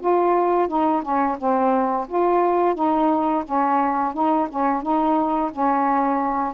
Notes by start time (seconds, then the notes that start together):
0.00 F4
0.68 D#4
1.02 C#4
1.38 C4
2.08 F4
2.75 D#4
3.45 C#4
4.13 D#4
4.49 C#4
4.82 D#4
5.51 C#4